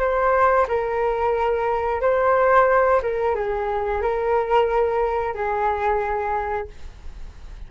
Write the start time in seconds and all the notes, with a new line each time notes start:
0.00 C5
0.68 A#4
2.02 C5
3.03 A#4
3.35 G#4
4.02 A#4
5.35 G#4